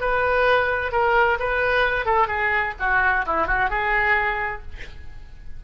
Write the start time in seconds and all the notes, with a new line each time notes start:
0.00 B4
0.92 A#4
1.39 B4
2.06 A4
2.28 G#4
2.79 F#4
3.26 E4
3.47 F#4
3.70 G#4